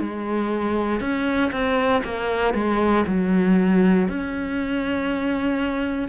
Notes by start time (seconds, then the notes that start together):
0.00 G#3
1.00 C#4
1.52 C4
2.04 A#3
2.54 G#3
3.07 F#3
4.09 C#4